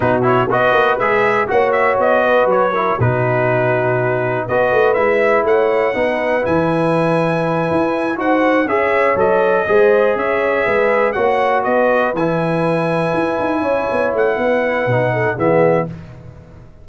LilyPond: <<
  \new Staff \with { instrumentName = "trumpet" } { \time 4/4 \tempo 4 = 121 b'8 cis''8 dis''4 e''4 fis''8 e''8 | dis''4 cis''4 b'2~ | b'4 dis''4 e''4 fis''4~ | fis''4 gis''2.~ |
gis''8 fis''4 e''4 dis''4.~ | dis''8 e''2 fis''4 dis''8~ | dis''8 gis''2.~ gis''8~ | gis''8 fis''2~ fis''8 e''4 | }
  \new Staff \with { instrumentName = "horn" } { \time 4/4 fis'4 b'2 cis''4~ | cis''8 b'4 ais'8 fis'2~ | fis'4 b'2 cis''4 | b'1~ |
b'8 c''4 cis''2 c''8~ | c''8 cis''4 b'4 cis''4 b'8~ | b'2.~ b'8 cis''8~ | cis''4 b'4. a'8 gis'4 | }
  \new Staff \with { instrumentName = "trombone" } { \time 4/4 dis'8 e'8 fis'4 gis'4 fis'4~ | fis'4. e'8 dis'2~ | dis'4 fis'4 e'2 | dis'4 e'2.~ |
e'8 fis'4 gis'4 a'4 gis'8~ | gis'2~ gis'8 fis'4.~ | fis'8 e'2.~ e'8~ | e'2 dis'4 b4 | }
  \new Staff \with { instrumentName = "tuba" } { \time 4/4 b,4 b8 ais8 gis4 ais4 | b4 fis4 b,2~ | b,4 b8 a8 gis4 a4 | b4 e2~ e8 e'8~ |
e'8 dis'4 cis'4 fis4 gis8~ | gis8 cis'4 gis4 ais4 b8~ | b8 e2 e'8 dis'8 cis'8 | b8 a8 b4 b,4 e4 | }
>>